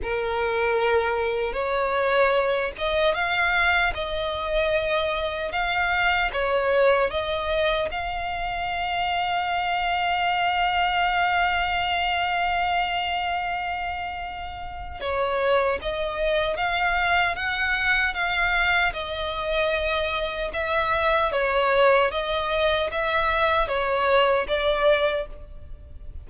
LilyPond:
\new Staff \with { instrumentName = "violin" } { \time 4/4 \tempo 4 = 76 ais'2 cis''4. dis''8 | f''4 dis''2 f''4 | cis''4 dis''4 f''2~ | f''1~ |
f''2. cis''4 | dis''4 f''4 fis''4 f''4 | dis''2 e''4 cis''4 | dis''4 e''4 cis''4 d''4 | }